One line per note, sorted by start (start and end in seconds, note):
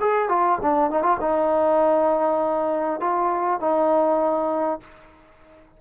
0.00 0.29 G#4
0.29 0.59 F4
0.62 0.91 D4
0.91 1.03 D#4
1.03 1.18 F4
1.20 3.00 D#4
3.00 3.60 F4
3.60 4.80 D#4